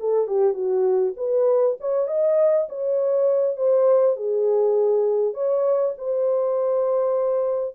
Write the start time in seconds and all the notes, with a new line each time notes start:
0.00 A4
0.28 G4
0.54 F#4
1.17 B4
1.81 C#5
2.08 D#5
2.69 C#5
3.57 C5
4.17 G#4
5.34 C#5
5.98 C5